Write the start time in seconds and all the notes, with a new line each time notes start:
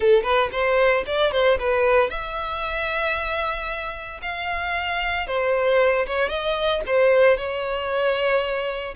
0.00 A4
0.23 B4
0.51 C5
1.06 D5
1.31 C5
1.59 B4
2.10 E5
4.22 F5
5.27 C5
6.06 C#5
6.28 D#5
6.86 C5
7.37 C#5